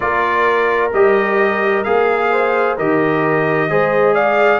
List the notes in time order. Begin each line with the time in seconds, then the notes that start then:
0.00 A#3 F4 A#4 D5
0.93 G3 G4 D#5
1.83 A#3 G#4 F5
2.31 C5
2.76 D#3 G4 A#4 D#5
3.69 G#3 G#4 C5
4.14 D5 F5